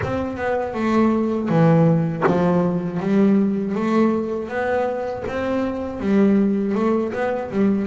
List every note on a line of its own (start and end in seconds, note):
0.03 0.36 C4
0.36 0.74 B3
0.74 1.48 A3
1.48 2.23 E3
2.26 3.00 F3
3.00 3.74 G3
3.74 4.48 A3
4.48 5.23 B3
5.27 6.00 C4
6.00 6.74 G3
6.74 7.12 A3
7.12 7.50 B3
7.50 7.87 G3